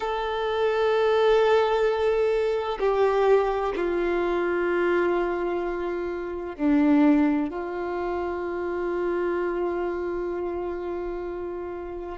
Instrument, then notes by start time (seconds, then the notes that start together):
violin
0.00 A4
2.79 G4
3.75 F4
6.56 D4
7.50 F4